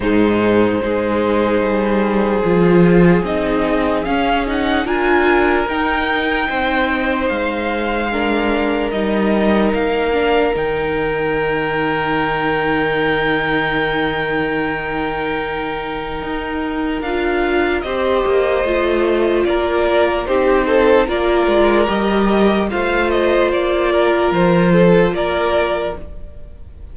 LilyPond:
<<
  \new Staff \with { instrumentName = "violin" } { \time 4/4 \tempo 4 = 74 c''1 | dis''4 f''8 fis''8 gis''4 g''4~ | g''4 f''2 dis''4 | f''4 g''2.~ |
g''1~ | g''4 f''4 dis''2 | d''4 c''4 d''4 dis''4 | f''8 dis''8 d''4 c''4 d''4 | }
  \new Staff \with { instrumentName = "violin" } { \time 4/4 dis'4 gis'2.~ | gis'2 ais'2 | c''2 ais'2~ | ais'1~ |
ais'1~ | ais'2 c''2 | ais'4 g'8 a'8 ais'2 | c''4. ais'4 a'8 ais'4 | }
  \new Staff \with { instrumentName = "viola" } { \time 4/4 gis4 dis'2 f'4 | dis'4 cis'8 dis'8 f'4 dis'4~ | dis'2 d'4 dis'4~ | dis'8 d'8 dis'2.~ |
dis'1~ | dis'4 f'4 g'4 f'4~ | f'4 dis'4 f'4 g'4 | f'1 | }
  \new Staff \with { instrumentName = "cello" } { \time 4/4 gis,4 gis4 g4 f4 | c'4 cis'4 d'4 dis'4 | c'4 gis2 g4 | ais4 dis2.~ |
dis1 | dis'4 d'4 c'8 ais8 a4 | ais4 c'4 ais8 gis8 g4 | a4 ais4 f4 ais4 | }
>>